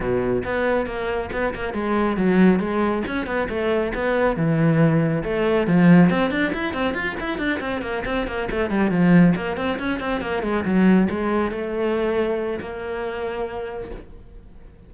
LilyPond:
\new Staff \with { instrumentName = "cello" } { \time 4/4 \tempo 4 = 138 b,4 b4 ais4 b8 ais8 | gis4 fis4 gis4 cis'8 b8 | a4 b4 e2 | a4 f4 c'8 d'8 e'8 c'8 |
f'8 e'8 d'8 c'8 ais8 c'8 ais8 a8 | g8 f4 ais8 c'8 cis'8 c'8 ais8 | gis8 fis4 gis4 a4.~ | a4 ais2. | }